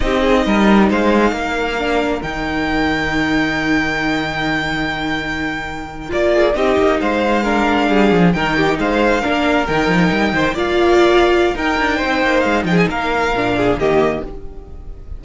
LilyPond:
<<
  \new Staff \with { instrumentName = "violin" } { \time 4/4 \tempo 4 = 135 dis''2 f''2~ | f''4 g''2.~ | g''1~ | g''4.~ g''16 d''4 dis''4 f''16~ |
f''2~ f''8. g''4 f''16~ | f''4.~ f''16 g''2 f''16~ | f''2 g''2 | f''8 g''16 gis''16 f''2 dis''4 | }
  \new Staff \with { instrumentName = "violin" } { \time 4/4 g'8 gis'8 ais'4 c''4 ais'4~ | ais'1~ | ais'1~ | ais'2~ ais'16 gis'8 g'4 c''16~ |
c''8. ais'4 gis'4 ais'8 g'8 c''16~ | c''8. ais'2~ ais'8 c''8 d''16~ | d''2 ais'4 c''4~ | c''8 gis'8 ais'4. gis'8 g'4 | }
  \new Staff \with { instrumentName = "viola" } { \time 4/4 dis'1 | d'4 dis'2.~ | dis'1~ | dis'4.~ dis'16 f'4 dis'4~ dis'16~ |
dis'8. d'2 dis'4~ dis'16~ | dis'8. d'4 dis'2 f'16~ | f'2 dis'2~ | dis'2 d'4 ais4 | }
  \new Staff \with { instrumentName = "cello" } { \time 4/4 c'4 g4 gis4 ais4~ | ais4 dis2.~ | dis1~ | dis4.~ dis16 ais4 c'8 ais8 gis16~ |
gis4.~ gis16 g8 f8 dis4 gis16~ | gis8. ais4 dis8 f8 g8 dis8 ais16~ | ais2 dis'8 d'8 c'8 ais8 | gis8 f8 ais4 ais,4 dis4 | }
>>